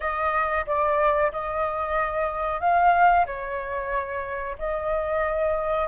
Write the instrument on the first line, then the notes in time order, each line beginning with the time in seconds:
flute
0.00 D#5
0.66 D5
1.32 D#5
2.60 F5
3.26 C#5
4.58 D#5